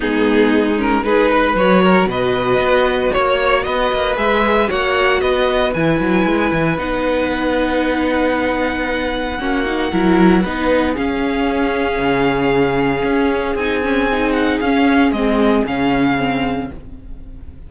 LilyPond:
<<
  \new Staff \with { instrumentName = "violin" } { \time 4/4 \tempo 4 = 115 gis'4. ais'8 b'4 cis''4 | dis''2 cis''4 dis''4 | e''4 fis''4 dis''4 gis''4~ | gis''4 fis''2.~ |
fis''1~ | fis''4 f''2.~ | f''2 gis''4. fis''8 | f''4 dis''4 f''2 | }
  \new Staff \with { instrumentName = "violin" } { \time 4/4 dis'2 gis'8 b'4 ais'8 | b'2 cis''4 b'4~ | b'4 cis''4 b'2~ | b'1~ |
b'2 fis'4 ais'4 | b'4 gis'2.~ | gis'1~ | gis'1 | }
  \new Staff \with { instrumentName = "viola" } { \time 4/4 b4. cis'8 dis'4 fis'4~ | fis'1 | gis'4 fis'2 e'4~ | e'4 dis'2.~ |
dis'2 cis'8 dis'8 e'4 | dis'4 cis'2.~ | cis'2 dis'8 cis'8 dis'4 | cis'4 c'4 cis'4 c'4 | }
  \new Staff \with { instrumentName = "cello" } { \time 4/4 gis2. fis4 | b,4 b4 ais4 b8 ais8 | gis4 ais4 b4 e8 fis8 | gis8 e8 b2.~ |
b2 ais4 fis4 | b4 cis'2 cis4~ | cis4 cis'4 c'2 | cis'4 gis4 cis2 | }
>>